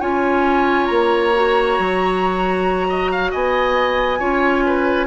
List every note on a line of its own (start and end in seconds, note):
0.00 0.89 C#4
0.00 1.33 F4
0.00 2.87 C#5
0.00 0.86 G#5
0.86 1.78 A#3
0.86 3.28 A#5
1.34 4.19 F#4
1.79 3.33 F#3
2.89 3.11 D#5
3.11 3.31 F5
3.31 4.20 B3
3.31 4.19 D#5
3.31 5.07 G#5
4.19 5.07 C#4
4.19 5.07 F4
4.19 4.63 C#5
4.66 5.07 B4